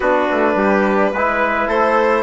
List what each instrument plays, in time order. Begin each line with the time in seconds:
0.00 bassoon B3, trombone D4, trumpet F#4, violin B4
0.31 bassoon A3
0.54 bassoon G3, trumpet G4
1.12 bassoon G#3, trombone E4, trumpet B4
1.67 bassoon A3, trumpet A4, violin C5